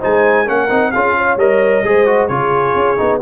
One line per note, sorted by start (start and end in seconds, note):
0.00 0.48 G#3
0.00 0.46 D#4
0.00 0.46 C5
0.00 0.48 G#5
0.46 0.70 A#3
0.46 0.69 C#4
0.46 0.92 A#4
0.46 0.92 F#5
0.70 0.93 C4
0.70 0.93 D#4
0.92 1.36 C#4
0.92 1.38 F4
0.92 1.17 G#4
0.92 1.37 F5
1.18 1.87 C#5
1.36 1.82 G3
1.36 1.84 A#4
1.36 2.28 D#5
1.83 2.29 G#3
1.83 2.06 G#4
1.83 2.30 C5
2.06 2.29 F#4
2.28 2.75 C#3
2.28 2.97 F4
2.28 3.21 G#4
2.28 3.19 C#5
2.75 2.98 C#4
2.97 3.21 B3
2.97 3.20 D#4